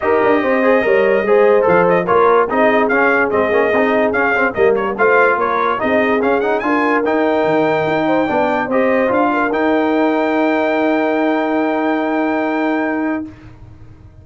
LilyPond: <<
  \new Staff \with { instrumentName = "trumpet" } { \time 4/4 \tempo 4 = 145 dis''1 | f''8 dis''8 cis''4 dis''4 f''4 | dis''2 f''4 dis''8 cis''8 | f''4 cis''4 dis''4 f''8 fis''8 |
gis''4 g''2.~ | g''4 dis''4 f''4 g''4~ | g''1~ | g''1 | }
  \new Staff \with { instrumentName = "horn" } { \time 4/4 ais'4 c''4 cis''4 c''4~ | c''4 ais'4 gis'2~ | gis'2. ais'4 | c''4 ais'4 gis'2 |
ais'2.~ ais'8 c''8 | d''4 c''4. ais'4.~ | ais'1~ | ais'1 | }
  \new Staff \with { instrumentName = "trombone" } { \time 4/4 g'4. gis'8 ais'4 gis'4 | a'4 f'4 dis'4 cis'4 | c'8 cis'8 dis'4 cis'8 c'8 ais4 | f'2 dis'4 cis'8 dis'8 |
f'4 dis'2. | d'4 g'4 f'4 dis'4~ | dis'1~ | dis'1 | }
  \new Staff \with { instrumentName = "tuba" } { \time 4/4 dis'8 d'8 c'4 g4 gis4 | f4 ais4 c'4 cis'4 | gis8 ais8 c'4 cis'4 g4 | a4 ais4 c'4 cis'4 |
d'4 dis'4 dis4 dis'4 | b4 c'4 d'4 dis'4~ | dis'1~ | dis'1 | }
>>